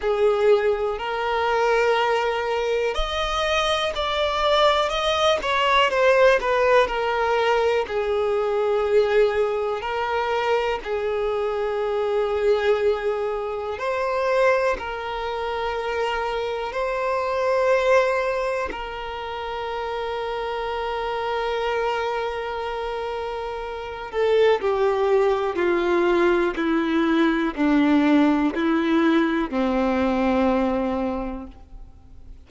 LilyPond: \new Staff \with { instrumentName = "violin" } { \time 4/4 \tempo 4 = 61 gis'4 ais'2 dis''4 | d''4 dis''8 cis''8 c''8 b'8 ais'4 | gis'2 ais'4 gis'4~ | gis'2 c''4 ais'4~ |
ais'4 c''2 ais'4~ | ais'1~ | ais'8 a'8 g'4 f'4 e'4 | d'4 e'4 c'2 | }